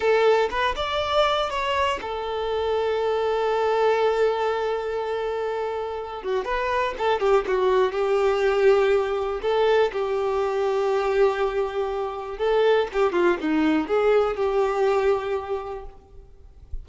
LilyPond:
\new Staff \with { instrumentName = "violin" } { \time 4/4 \tempo 4 = 121 a'4 b'8 d''4. cis''4 | a'1~ | a'1~ | a'8 fis'8 b'4 a'8 g'8 fis'4 |
g'2. a'4 | g'1~ | g'4 a'4 g'8 f'8 dis'4 | gis'4 g'2. | }